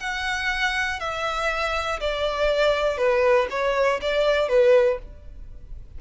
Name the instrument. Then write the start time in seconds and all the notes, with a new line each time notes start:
violin
0.00 F#5
1.00 E5
2.00 D5
2.97 B4
3.50 C#5
4.01 D5
4.49 B4